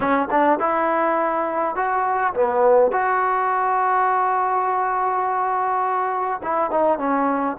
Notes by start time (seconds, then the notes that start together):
0.00 C#4
0.30 D4
0.59 E4
1.75 F#4
2.34 B3
2.91 F#4
6.42 E4
6.70 D#4
6.98 C#4